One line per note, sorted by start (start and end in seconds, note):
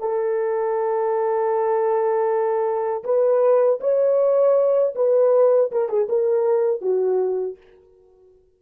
0.00 3.04 A4
3.04 3.80 B4
3.80 4.94 C#5
4.95 5.71 B4
5.72 5.89 A#4
5.89 6.08 G#4
6.09 6.81 A#4
6.81 7.57 F#4